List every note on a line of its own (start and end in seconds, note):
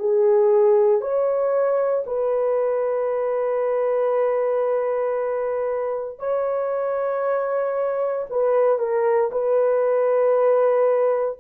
0.00 1.02 G#4
1.02 2.05 C#5
2.06 6.19 B4
6.19 8.26 C#5
8.30 8.79 B4
8.79 9.31 A#4
9.32 11.39 B4